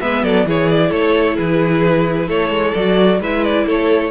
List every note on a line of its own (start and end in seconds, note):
0.00 0.23 G#3
0.00 0.46 B3
0.00 0.23 B4
0.00 0.23 E5
0.23 0.44 F#3
0.23 0.46 A4
0.23 0.46 D5
0.44 0.90 E3
0.44 2.75 E4
0.44 0.89 G#4
0.44 0.68 C#5
0.68 0.91 D5
0.89 1.37 A3
0.89 1.35 A4
0.89 1.37 C#5
1.35 2.28 E3
1.35 2.27 G#4
1.35 2.28 B4
2.28 2.49 A3
2.28 3.19 A4
2.28 2.74 C#5
2.49 2.72 G#3
2.74 3.20 F#3
2.74 3.21 F#4
2.74 3.20 D5
3.20 3.65 G#3
3.20 4.11 E4
3.20 3.66 B4
3.20 3.44 E5
3.44 3.67 D5
3.66 4.11 A3
3.66 4.11 A4
3.66 4.11 C#5